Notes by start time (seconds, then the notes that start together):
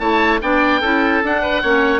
0.00 A3 E4 C#5 A5
0.42 B3 D4 D5 G5
0.81 C#4 E4 A4
1.23 D4 F#5
1.42 B4
1.63 A#3 C#4 C#5